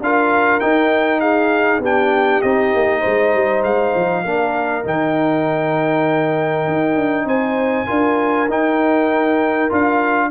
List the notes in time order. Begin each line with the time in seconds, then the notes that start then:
0.00 D4 F4 A#4 F5
0.59 D#4 G5
1.20 G#4 F5
1.79 B3 D4 G4 G5
2.42 C4 D#4 D#5
2.73 A#3
3.00 G#3 C5
3.34 G3
3.63 G#3 F5
3.95 F3
4.24 A#3 D4 A#4
4.84 D#3 D#4 G5
6.67 D#4
6.95 D4
7.24 C4 C5 G#5
7.86 D4 F4 A#4
8.48 D#4 G5
9.69 D4 F4 F5